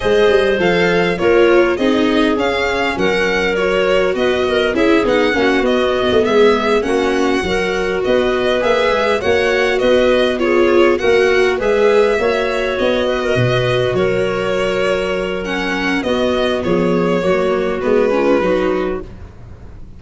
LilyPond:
<<
  \new Staff \with { instrumentName = "violin" } { \time 4/4 \tempo 4 = 101 dis''4 f''4 cis''4 dis''4 | f''4 fis''4 cis''4 dis''4 | e''8 fis''4 dis''4 e''4 fis''8~ | fis''4. dis''4 e''4 fis''8~ |
fis''8 dis''4 cis''4 fis''4 e''8~ | e''4. dis''2 cis''8~ | cis''2 fis''4 dis''4 | cis''2 b'2 | }
  \new Staff \with { instrumentName = "clarinet" } { \time 4/4 c''2 ais'4 gis'4~ | gis'4 ais'2 b'8 ais'8 | gis'4 fis'4. gis'4 fis'8~ | fis'8 ais'4 b'2 cis''8~ |
cis''8 b'4 gis'4 ais'4 b'8~ | b'8 cis''4. b'16 ais'16 b'4 ais'8~ | ais'2. fis'4 | gis'4 fis'4. f'8 fis'4 | }
  \new Staff \with { instrumentName = "viola" } { \time 4/4 gis'4 a'4 f'4 dis'4 | cis'2 fis'2 | e'8 dis'8 cis'8 b2 cis'8~ | cis'8 fis'2 gis'4 fis'8~ |
fis'4. f'4 fis'4 gis'8~ | gis'8 fis'2.~ fis'8~ | fis'2 cis'4 b4~ | b4 ais4 b8 cis'8 dis'4 | }
  \new Staff \with { instrumentName = "tuba" } { \time 4/4 gis8 g8 f4 ais4 c'4 | cis'4 fis2 b4 | cis'8 b8 ais8 b8. a16 gis4 ais8~ | ais8 fis4 b4 ais8 gis8 ais8~ |
ais8 b2 ais4 gis8~ | gis8 ais4 b4 b,4 fis8~ | fis2. b4 | f4 fis4 gis4 fis4 | }
>>